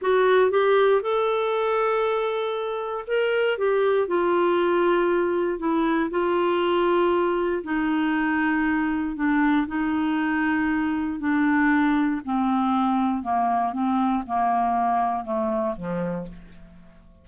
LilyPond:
\new Staff \with { instrumentName = "clarinet" } { \time 4/4 \tempo 4 = 118 fis'4 g'4 a'2~ | a'2 ais'4 g'4 | f'2. e'4 | f'2. dis'4~ |
dis'2 d'4 dis'4~ | dis'2 d'2 | c'2 ais4 c'4 | ais2 a4 f4 | }